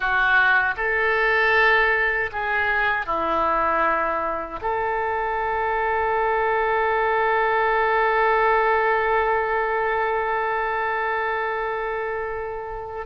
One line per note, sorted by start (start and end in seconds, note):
0.00 0.74 F#4
0.76 2.30 A4
2.31 3.06 G#4
3.06 4.60 E4
4.61 13.06 A4